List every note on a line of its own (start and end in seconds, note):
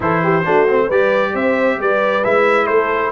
0.00 0.45 E3
0.00 0.42 E4
0.00 0.23 A4
0.00 0.90 C5
0.23 0.45 G4
0.45 0.89 A3
0.45 0.67 D4
0.45 0.86 F#4
0.68 0.90 C4
0.86 1.34 G3
0.86 2.24 G4
0.86 1.30 B4
0.86 1.35 D5
1.34 1.78 C4
1.34 1.78 C5
1.34 1.80 E5
1.78 2.23 G3
1.78 2.67 B4
1.78 2.24 D5
2.24 2.70 G#3
2.24 3.12 E4
2.24 2.66 E5
2.66 3.12 A3
2.66 3.11 A4
2.66 3.11 C5